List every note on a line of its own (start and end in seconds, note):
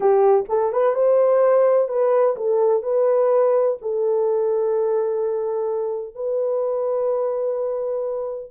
0.00 0.45 G4
0.48 0.72 A4
0.72 0.94 B4
0.94 1.88 C5
1.88 2.35 B4
2.36 2.83 A4
2.83 3.77 B4
3.81 6.15 A4
6.15 8.51 B4